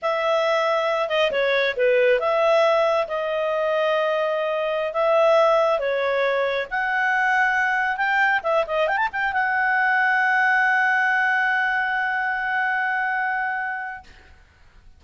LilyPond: \new Staff \with { instrumentName = "clarinet" } { \time 4/4 \tempo 4 = 137 e''2~ e''8 dis''8 cis''4 | b'4 e''2 dis''4~ | dis''2.~ dis''16 e''8.~ | e''4~ e''16 cis''2 fis''8.~ |
fis''2~ fis''16 g''4 e''8 dis''16~ | dis''16 g''16 a''16 g''8 fis''2~ fis''8.~ | fis''1~ | fis''1 | }